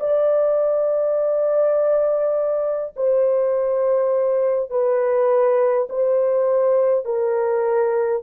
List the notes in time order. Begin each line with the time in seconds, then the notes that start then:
0.00 D5
2.97 C5
4.71 B4
5.89 C5
7.05 A#4